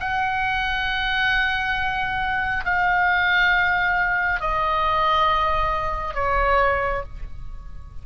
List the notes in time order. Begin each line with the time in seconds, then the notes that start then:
0.00 F#5
2.65 F5
4.40 D#5
6.14 C#5